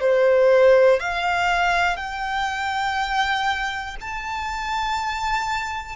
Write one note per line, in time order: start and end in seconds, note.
0.00 1.00 C5
1.00 1.96 F5
1.96 3.96 G5
4.00 5.96 A5